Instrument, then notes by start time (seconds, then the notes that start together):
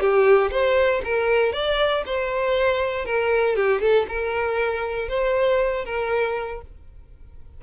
violin
0.00 G4
0.51 C5
1.04 A#4
1.53 D5
2.06 C5
3.05 A#4
3.55 G4
3.81 A4
4.08 A#4
5.08 C5
5.85 A#4